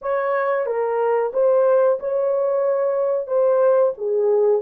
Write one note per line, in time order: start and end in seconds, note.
0.01 0.66 C#5
0.66 1.32 A#4
1.33 1.99 C5
1.99 3.27 C#5
3.27 3.93 C5
3.97 4.61 G#4